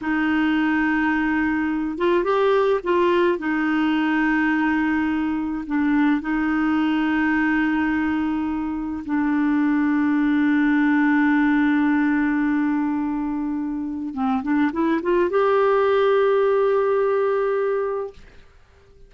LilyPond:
\new Staff \with { instrumentName = "clarinet" } { \time 4/4 \tempo 4 = 106 dis'2.~ dis'8 f'8 | g'4 f'4 dis'2~ | dis'2 d'4 dis'4~ | dis'1 |
d'1~ | d'1~ | d'4 c'8 d'8 e'8 f'8 g'4~ | g'1 | }